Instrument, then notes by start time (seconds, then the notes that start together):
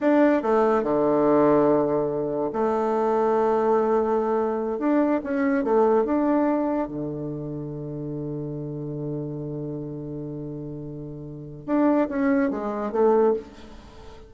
bassoon
0.00 D4
0.42 A3
0.83 D3
2.52 A3
4.78 D4
5.23 C#4
5.63 A3
6.05 D4
6.87 D3
11.66 D4
12.09 C#4
12.50 G#3
12.91 A3